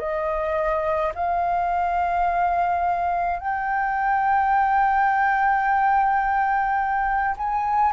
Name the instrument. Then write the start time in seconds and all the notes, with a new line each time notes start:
flute
0.00 D#5
1.15 F5
3.40 G5
7.38 G#5